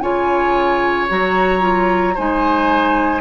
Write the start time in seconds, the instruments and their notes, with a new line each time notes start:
0.00 bassoon C#3, clarinet F4, oboe C#5, flute G#5
1.09 bassoon F#3, clarinet F#4, flute A#5
1.60 clarinet F4
2.15 bassoon G#3, clarinet D#4, oboe C5, flute G#5